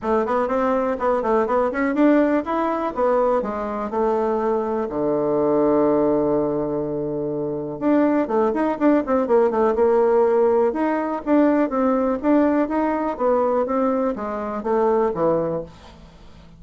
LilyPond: \new Staff \with { instrumentName = "bassoon" } { \time 4/4 \tempo 4 = 123 a8 b8 c'4 b8 a8 b8 cis'8 | d'4 e'4 b4 gis4 | a2 d2~ | d1 |
d'4 a8 dis'8 d'8 c'8 ais8 a8 | ais2 dis'4 d'4 | c'4 d'4 dis'4 b4 | c'4 gis4 a4 e4 | }